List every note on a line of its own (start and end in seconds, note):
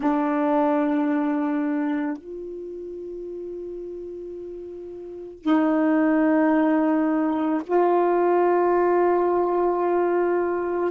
0.00 2.17 D4
2.17 5.42 F4
5.42 7.61 D#4
7.67 10.91 F4